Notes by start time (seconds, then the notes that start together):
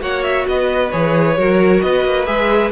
0.00 A#3 F#4 C#5 F#5
0.23 E5
0.47 B3 B4 D#5
0.91 E3 G#4 C#5
1.37 F#3 F#4 A#4
1.81 B3 B4 D#5
2.04 A#3
2.25 G#3 G#4 E5